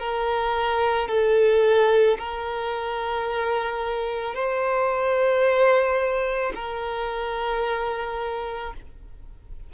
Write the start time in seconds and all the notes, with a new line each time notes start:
0.00 A#4
1.09 A4
2.19 A#4
4.35 C5
6.56 A#4